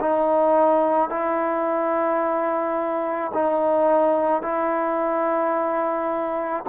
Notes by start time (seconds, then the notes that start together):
0.00 D#4
1.09 E4
3.33 D#4
4.42 E4